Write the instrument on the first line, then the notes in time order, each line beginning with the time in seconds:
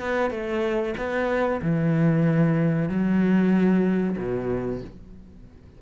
cello
0.00 B3
0.31 A3
0.97 B3
1.62 E3
2.89 F#3
4.18 B2